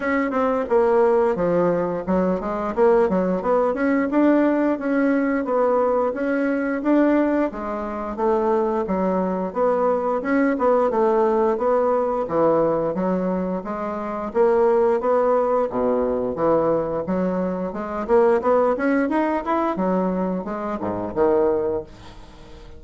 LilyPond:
\new Staff \with { instrumentName = "bassoon" } { \time 4/4 \tempo 4 = 88 cis'8 c'8 ais4 f4 fis8 gis8 | ais8 fis8 b8 cis'8 d'4 cis'4 | b4 cis'4 d'4 gis4 | a4 fis4 b4 cis'8 b8 |
a4 b4 e4 fis4 | gis4 ais4 b4 b,4 | e4 fis4 gis8 ais8 b8 cis'8 | dis'8 e'8 fis4 gis8 gis,8 dis4 | }